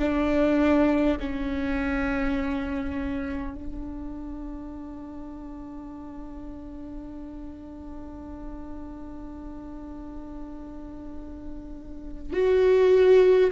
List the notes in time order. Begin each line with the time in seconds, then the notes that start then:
0.00 D4
1.20 C#4
3.55 D4
12.33 F#4